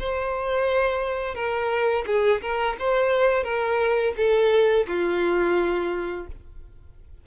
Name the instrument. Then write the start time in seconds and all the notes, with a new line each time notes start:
violin
0.00 C5
1.35 A#4
2.07 G#4
2.42 A#4
2.79 C5
3.44 A#4
4.17 A4
4.88 F4